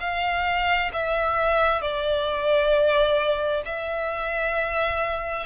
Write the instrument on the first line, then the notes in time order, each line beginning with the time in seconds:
violin
0.00 F5
0.93 E5
1.81 D5
3.65 E5